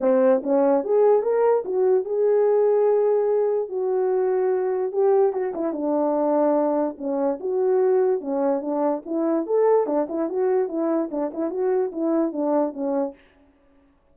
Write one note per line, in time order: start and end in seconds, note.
0.00 0.41 C4
0.43 0.84 C#4
0.84 1.22 G#4
1.22 1.63 A#4
1.64 2.05 F#4
2.05 3.69 G#4
3.69 4.92 F#4
4.92 5.32 G4
5.32 5.53 F#4
5.54 5.73 E4
5.73 6.96 D4
6.98 7.39 C#4
7.40 8.20 F#4
8.20 8.61 C#4
8.61 9.02 D4
9.05 9.46 E4
9.46 9.86 A4
9.86 10.07 D4
10.08 10.29 E4
10.29 10.68 F#4
10.68 11.09 E4
11.11 11.31 D4
11.33 11.50 E4
11.50 11.91 F#4
11.92 12.32 E4
12.32 12.73 D4
12.73 13.14 C#4